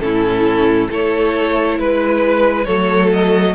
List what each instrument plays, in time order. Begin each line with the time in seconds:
0.00 cello A2, viola C#4, violin E4 A4
0.89 cello A3, viola E4, violin A4 C#5
1.78 cello G#3, violin B4
2.64 cello F#3, viola A3, violin A4 C#5
3.12 violin D#5